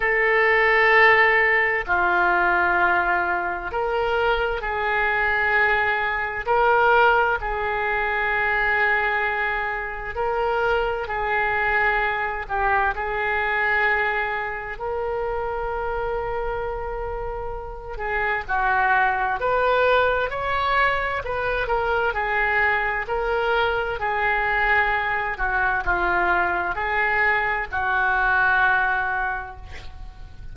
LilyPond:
\new Staff \with { instrumentName = "oboe" } { \time 4/4 \tempo 4 = 65 a'2 f'2 | ais'4 gis'2 ais'4 | gis'2. ais'4 | gis'4. g'8 gis'2 |
ais'2.~ ais'8 gis'8 | fis'4 b'4 cis''4 b'8 ais'8 | gis'4 ais'4 gis'4. fis'8 | f'4 gis'4 fis'2 | }